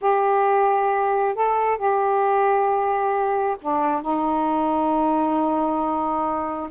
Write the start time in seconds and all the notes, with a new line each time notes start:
0.01 G4
1.34 A4
1.77 G4
3.61 D4
4.01 D#4